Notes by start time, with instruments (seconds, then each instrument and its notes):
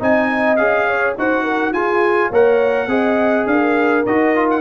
0.00 tuba C4, trombone D#4, horn D#5, trumpet G#5
0.57 tuba C#4, trombone G#4, trumpet F5
0.88 horn C#5
1.18 tuba D#4, trombone F#4, horn C5, trumpet F#5
1.44 horn A#4
1.72 tuba F4, trombone F4, horn G#4, trumpet G#5
2.30 tuba A#3, trombone A#4, horn C#5, trumpet F#5
2.87 tuba C4, trombone G#4, horn D#5
3.47 tuba D4, horn A#4, trumpet F5
4.06 tuba D#4, trombone F#4, trumpet D#5
4.36 trombone F4
4.51 trumpet F#5